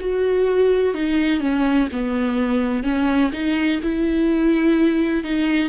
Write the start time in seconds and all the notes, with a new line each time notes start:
0.00 F#4
0.94 D#4
1.40 C#4
1.92 B3
2.84 C#4
3.32 D#4
3.83 E4
5.24 D#4